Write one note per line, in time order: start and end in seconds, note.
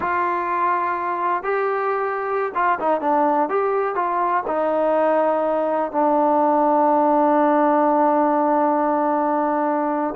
0.00 1.43 F4
1.43 2.52 G4
2.54 2.78 F4
2.79 3.00 D#4
3.00 3.49 D4
3.49 3.95 G4
3.95 4.43 F4
4.47 5.91 D#4
5.91 10.15 D4